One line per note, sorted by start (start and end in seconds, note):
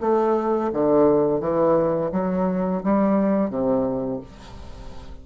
0.00 0.71 A3
0.73 1.40 D3
1.40 2.10 E3
2.12 2.82 F#3
2.83 3.50 G3
3.50 4.20 C3